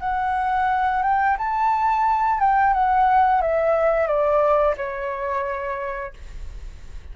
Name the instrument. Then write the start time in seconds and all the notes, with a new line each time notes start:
flute
0.00 F#5
1.02 G5
1.38 A5
2.40 G5
2.73 F#5
3.41 E5
4.07 D5
4.77 C#5